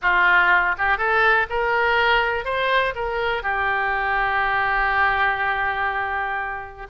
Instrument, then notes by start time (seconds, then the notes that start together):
oboe
0.02 F4
0.78 G4
0.97 A4
1.49 A#4
2.44 C5
2.95 A#4
3.42 G4